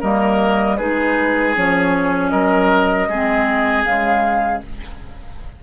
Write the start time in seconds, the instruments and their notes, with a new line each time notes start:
0.00 bassoon G3, clarinet A#3, oboe A#4, flute D#5
0.78 bassoon G#3, clarinet D#4, oboe G#4, flute B4
1.55 bassoon F3, clarinet C#4, flute C#5
2.30 bassoon F#3, oboe A#4, flute D#5
3.09 bassoon G#3, clarinet C4, oboe G#4
3.85 bassoon C#3, clarinet G#3, flute F5